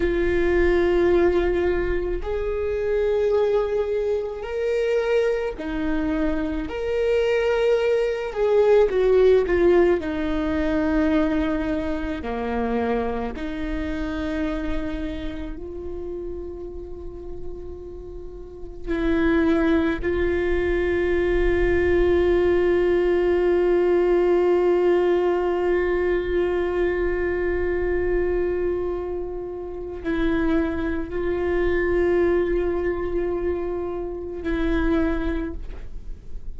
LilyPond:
\new Staff \with { instrumentName = "viola" } { \time 4/4 \tempo 4 = 54 f'2 gis'2 | ais'4 dis'4 ais'4. gis'8 | fis'8 f'8 dis'2 ais4 | dis'2 f'2~ |
f'4 e'4 f'2~ | f'1~ | f'2. e'4 | f'2. e'4 | }